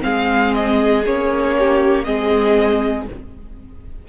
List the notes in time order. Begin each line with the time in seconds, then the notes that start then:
0.00 G#3 C4 G#4 F5
0.54 D#5
1.06 A#3 C#4 C#5
1.58 G4
2.04 G#3 C4 G#4 D#5